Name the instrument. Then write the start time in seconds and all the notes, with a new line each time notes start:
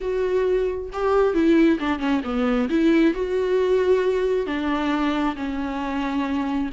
viola
0.01 F#4
0.92 G4
1.34 E4
1.79 D4
1.99 C#4
2.24 B3
2.69 E4
3.13 F#4
4.46 D4
5.35 C#4